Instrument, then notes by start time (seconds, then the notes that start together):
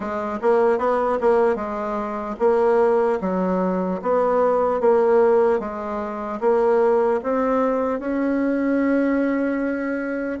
bassoon
0.00 G#3
0.41 A#3
0.78 B3
1.20 A#3
1.55 G#3
2.39 A#3
3.20 F#3
4.02 B3
4.80 A#3
5.59 G#3
6.40 A#3
7.23 C4
7.99 C#4